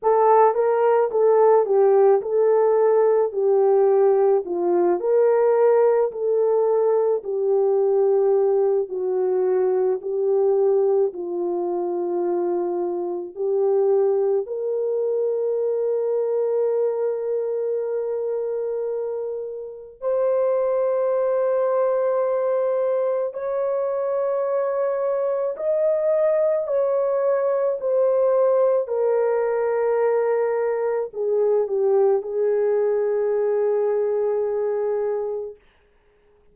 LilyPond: \new Staff \with { instrumentName = "horn" } { \time 4/4 \tempo 4 = 54 a'8 ais'8 a'8 g'8 a'4 g'4 | f'8 ais'4 a'4 g'4. | fis'4 g'4 f'2 | g'4 ais'2.~ |
ais'2 c''2~ | c''4 cis''2 dis''4 | cis''4 c''4 ais'2 | gis'8 g'8 gis'2. | }